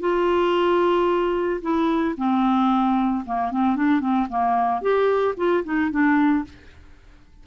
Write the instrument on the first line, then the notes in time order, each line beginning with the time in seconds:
clarinet
0.00 F4
1.62 E4
2.17 C4
3.26 A#3
3.51 C4
3.76 D4
4.01 C4
4.29 A#3
4.81 G4
5.37 F4
5.64 D#4
5.91 D4